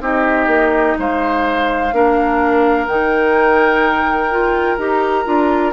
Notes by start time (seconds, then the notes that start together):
0.00 C4 D#4 G4 D#5
0.47 A#3
0.98 G#3 C5 F5
1.92 A#3 D4 A#4
2.86 D#3 D#4 G5
4.31 F4
4.78 D#4 G4 A#5
5.25 D4 F4